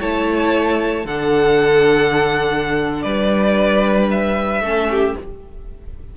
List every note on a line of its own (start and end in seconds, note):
0.00 1.05 A3
0.00 1.06 E4
0.00 1.06 C#5
0.00 1.07 A5
1.05 3.04 D3
1.05 4.64 D4
1.05 3.04 A4
1.05 3.03 F#5
3.03 4.61 G3
3.03 4.63 B4
3.03 4.09 D5
4.11 5.17 E5
4.61 5.14 A3
4.61 5.17 C#4
4.61 4.89 A4
4.91 5.17 G4